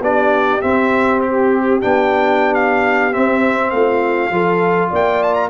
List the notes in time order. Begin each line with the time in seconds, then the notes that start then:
0.00 B3 D4 G4 D5
0.61 C4 E5
1.21 G4
1.81 B3 D4 G5
2.54 F5
3.12 C4 E5
3.70 A3 F4 F5
4.30 F3 F4 A4
4.90 A#3 D5 G5
5.23 A5
5.33 A#5